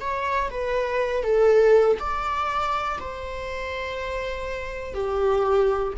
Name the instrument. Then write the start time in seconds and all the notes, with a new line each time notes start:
viola
0.00 C#5
0.50 B4
1.23 A4
1.99 D5
2.99 C5
4.94 G4